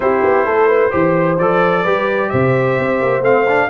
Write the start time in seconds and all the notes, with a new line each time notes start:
0.00 C4 E4 G4 C5
0.24 B3
0.45 A3 A4
0.67 B4
0.90 E3 G4 C5
1.38 F3 A4 D5
1.82 G3 G4 B4
2.29 C3 C5 E5
2.79 C4
3.01 A#3
3.21 A3 C4 F5
3.48 D4